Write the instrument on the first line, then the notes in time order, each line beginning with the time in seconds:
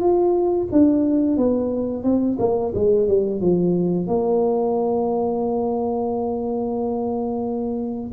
tuba
0.00 F4
0.71 D4
1.37 B3
2.03 C4
2.39 A#3
2.75 G#3
3.07 G3
3.40 F3
4.07 A#3